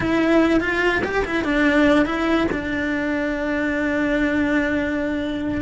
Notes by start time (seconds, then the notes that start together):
0.00 E4
0.60 F4
1.04 G4
1.25 E4
1.44 D4
2.05 E4
2.51 D4